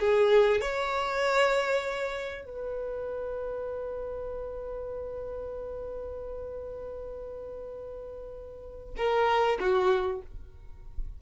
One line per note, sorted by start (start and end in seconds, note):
0.00 0.61 G#4
0.61 2.45 C#5
2.45 8.95 B4
8.97 9.59 A#4
9.60 10.22 F#4